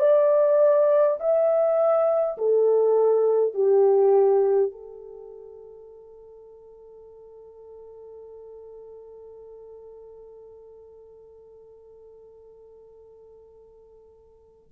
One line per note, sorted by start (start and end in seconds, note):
0.00 1.18 D5
1.20 2.37 E5
2.38 3.54 A4
3.54 4.72 G4
4.72 14.72 A4